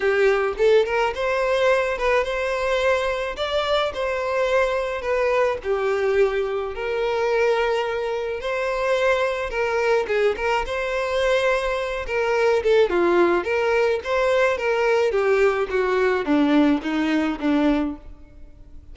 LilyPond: \new Staff \with { instrumentName = "violin" } { \time 4/4 \tempo 4 = 107 g'4 a'8 ais'8 c''4. b'8 | c''2 d''4 c''4~ | c''4 b'4 g'2 | ais'2. c''4~ |
c''4 ais'4 gis'8 ais'8 c''4~ | c''4. ais'4 a'8 f'4 | ais'4 c''4 ais'4 g'4 | fis'4 d'4 dis'4 d'4 | }